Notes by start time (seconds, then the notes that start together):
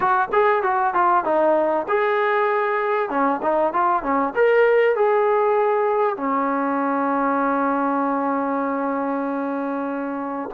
0.00 F#4
0.32 G#4
0.62 F#4
0.94 F4
1.24 D#4
1.88 G#4
3.09 C#4
3.42 D#4
3.73 F4
4.02 C#4
4.35 A#4
4.95 G#4
6.16 C#4